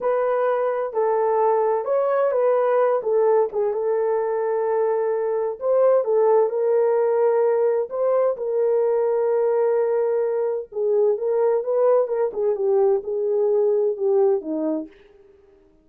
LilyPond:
\new Staff \with { instrumentName = "horn" } { \time 4/4 \tempo 4 = 129 b'2 a'2 | cis''4 b'4. a'4 gis'8 | a'1 | c''4 a'4 ais'2~ |
ais'4 c''4 ais'2~ | ais'2. gis'4 | ais'4 b'4 ais'8 gis'8 g'4 | gis'2 g'4 dis'4 | }